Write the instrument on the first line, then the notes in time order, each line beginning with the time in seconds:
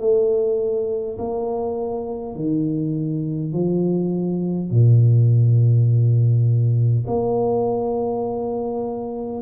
tuba
0.00 A3
1.19 A#3
2.36 D#3
3.53 F3
4.71 A#2
7.07 A#3